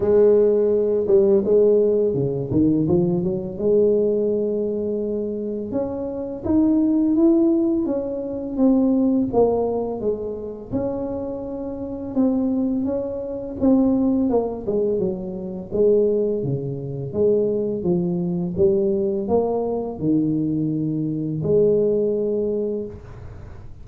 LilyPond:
\new Staff \with { instrumentName = "tuba" } { \time 4/4 \tempo 4 = 84 gis4. g8 gis4 cis8 dis8 | f8 fis8 gis2. | cis'4 dis'4 e'4 cis'4 | c'4 ais4 gis4 cis'4~ |
cis'4 c'4 cis'4 c'4 | ais8 gis8 fis4 gis4 cis4 | gis4 f4 g4 ais4 | dis2 gis2 | }